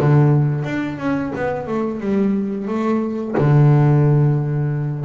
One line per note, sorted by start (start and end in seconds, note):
0.00 0.65 D3
0.65 0.98 D4
0.98 1.32 C#4
1.36 1.67 B3
1.67 2.01 A3
2.01 2.68 G3
2.68 3.35 A3
3.38 5.05 D3